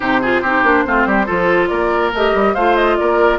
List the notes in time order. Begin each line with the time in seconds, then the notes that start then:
0.00 C3 D#4 G4 C5
0.21 F4 G#4
0.41 C4 D#4 G4
0.63 A#3 D4
0.86 A3 C4 F4
1.06 G3 G4
1.26 F3 F4 A4
1.68 A#3 A#4 D5
2.13 A3 G4 D#5
2.34 G3
2.54 A3 F4 C5 F5
2.76 D#5
2.96 A#3 A#4 D5